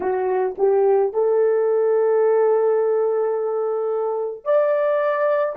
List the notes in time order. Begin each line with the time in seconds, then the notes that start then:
0.00 F#4
0.58 G4
1.13 A4
4.44 D5